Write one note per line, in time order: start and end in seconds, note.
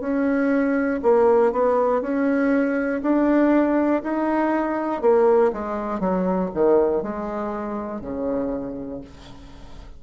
0.00 1.00 C#4
1.02 1.52 A#3
1.52 2.01 B3
2.01 3.01 C#4
3.02 4.02 D4
4.03 5.01 D#4
5.01 5.51 A#3
5.53 6.00 G#3
6.00 6.50 F#3
6.54 7.02 D#3
7.02 8.01 G#3
8.01 9.01 C#3